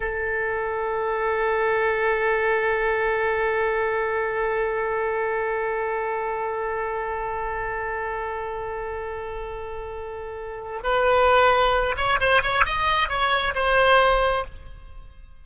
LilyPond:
\new Staff \with { instrumentName = "oboe" } { \time 4/4 \tempo 4 = 133 a'1~ | a'1~ | a'1~ | a'1~ |
a'1~ | a'1 | b'2~ b'8 cis''8 c''8 cis''8 | dis''4 cis''4 c''2 | }